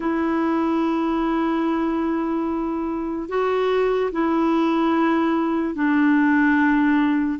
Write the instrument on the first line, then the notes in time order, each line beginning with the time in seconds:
clarinet
0.00 E4
3.28 F#4
4.12 E4
5.74 D4